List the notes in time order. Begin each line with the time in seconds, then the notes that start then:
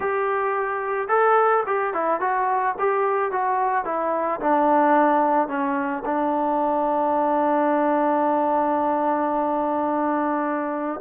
0.00 G4
1.08 A4
1.66 G4
1.93 E4
2.20 F#4
2.78 G4
3.31 F#4
3.84 E4
4.40 D4
5.48 C#4
6.05 D4